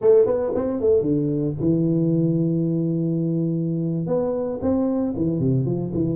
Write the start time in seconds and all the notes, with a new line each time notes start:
0.01 A3
0.26 B3
0.55 C4
0.80 A3
1.01 D3
1.60 E3
4.06 B3
4.61 C4
5.16 E3
5.39 C3
5.65 F3
5.93 E3